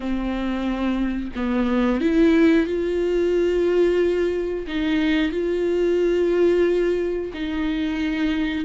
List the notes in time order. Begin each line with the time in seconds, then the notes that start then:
0.00 C4
1.35 B3
2.00 E4
2.66 F4
4.67 D#4
5.32 F4
7.33 D#4